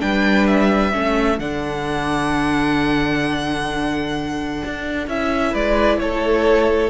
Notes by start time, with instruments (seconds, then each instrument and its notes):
0.00 cello G3, viola D4, violin B4 G5
0.47 violin E5
0.93 cello A3, viola C#4, violin A4
1.39 cello D3, viola D4, violin F#5
4.65 cello D4
5.07 cello C#4, viola E4, violin E5
5.51 cello G#3, violin B4 D5
6.00 cello A3, violin A4 C#5